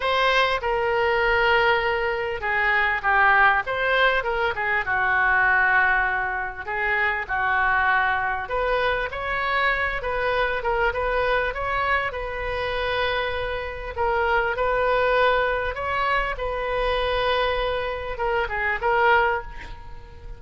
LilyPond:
\new Staff \with { instrumentName = "oboe" } { \time 4/4 \tempo 4 = 99 c''4 ais'2. | gis'4 g'4 c''4 ais'8 gis'8 | fis'2. gis'4 | fis'2 b'4 cis''4~ |
cis''8 b'4 ais'8 b'4 cis''4 | b'2. ais'4 | b'2 cis''4 b'4~ | b'2 ais'8 gis'8 ais'4 | }